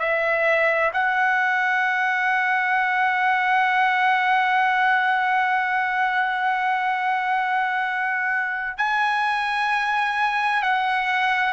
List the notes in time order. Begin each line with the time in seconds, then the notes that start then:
0.00 E5
0.94 F#5
8.78 G#5
10.63 F#5